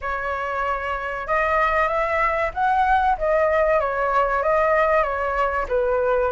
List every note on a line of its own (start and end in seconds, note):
0.01 1.27 C#5
1.27 1.87 D#5
1.87 2.51 E5
2.53 3.17 F#5
3.18 3.80 D#5
3.80 4.42 C#5
4.42 5.03 D#5
5.03 5.66 C#5
5.68 6.31 B4